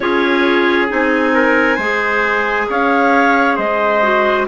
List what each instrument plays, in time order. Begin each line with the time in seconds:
0.00 bassoon C#4, clarinet F4 C#5, trumpet G#4
0.88 bassoon C4, clarinet D#4 G#5
1.34 trumpet A#4
1.76 bassoon G#3, clarinet G#4, trumpet C5
2.69 bassoon C#4, trumpet C#5, clarinet F5
3.56 bassoon G#3, trumpet C5, clarinet D#5
4.02 clarinet F#4